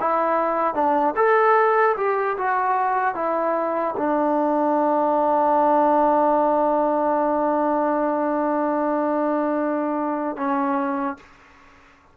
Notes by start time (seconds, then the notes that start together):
0.00 E4
0.75 D4
1.16 A4
1.97 G4
2.38 F#4
3.15 E4
3.97 D4
10.37 C#4